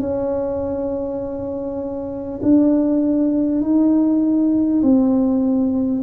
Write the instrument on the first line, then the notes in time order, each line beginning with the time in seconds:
tuba
0.00 C#4
2.42 D4
3.62 D#4
4.82 C4